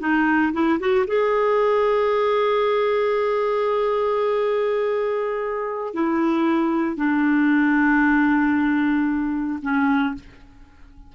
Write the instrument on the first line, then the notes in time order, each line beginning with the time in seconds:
clarinet
0.00 D#4
0.53 E4
0.80 F#4
1.07 G#4
5.94 E4
6.97 D4
9.62 C#4